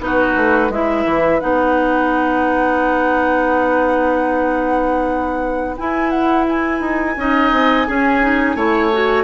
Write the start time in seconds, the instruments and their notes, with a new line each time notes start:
0.00 bassoon B3, clarinet D#4, oboe F#4, flute B4
0.36 bassoon A3
0.70 bassoon G#3, clarinet E4, oboe B4, flute E5
1.05 bassoon E3
1.40 bassoon B3, clarinet D#4, flute F#5
5.78 clarinet E4, bassoon E4, flute G#5
6.10 flute F#5
6.49 flute G#5
6.81 bassoon D#4
7.16 bassoon C#4, clarinet D#4, oboe D#5
7.52 bassoon C4
7.87 clarinet C#4, bassoon C#4, oboe G#4
8.22 clarinet D#4
8.56 bassoon A3, clarinet E4, oboe C#5
8.93 clarinet F#4